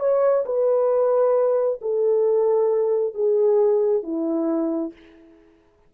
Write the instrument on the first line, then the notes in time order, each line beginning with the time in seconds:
horn
0.00 C#5
0.46 B4
1.82 A4
3.14 G#4
4.03 E4